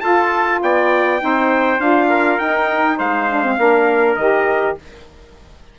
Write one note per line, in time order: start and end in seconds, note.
0.00 1.19 F4
0.00 0.61 F4
0.00 0.62 A4
0.00 0.59 A5
0.61 1.21 B3
0.61 1.23 D5
0.61 1.80 G5
1.19 1.79 C4
1.19 1.79 D#4
1.19 2.09 C5
1.79 2.38 D4
1.79 2.39 F4
1.79 2.38 F5
2.09 2.97 A#4
2.38 2.99 D#4
2.38 3.29 D#4
2.38 2.98 G5
2.97 3.58 G#3
2.97 3.57 C5
2.97 4.15 F5
3.29 3.44 D4
3.44 3.58 C4
3.58 4.16 A#3
3.58 4.18 D4
3.58 4.78 A#4
4.15 4.76 D#3
4.15 4.78 G4
4.15 4.75 D#5